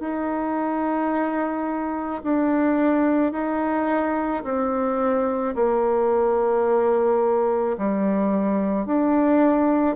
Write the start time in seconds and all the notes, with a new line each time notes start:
0.00 D#4
2.24 D4
3.32 D#4
4.43 C4
5.55 A#3
7.78 G3
8.86 D4